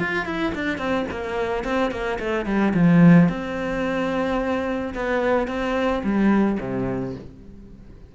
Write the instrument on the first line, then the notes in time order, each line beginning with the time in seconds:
cello
0.00 F4
0.26 E4
0.55 D4
0.79 C4
1.11 A#3
1.64 C4
1.91 A#3
2.20 A3
2.46 G3
2.74 F3
3.29 C4
4.95 B3
5.48 C4
6.04 G3
6.61 C3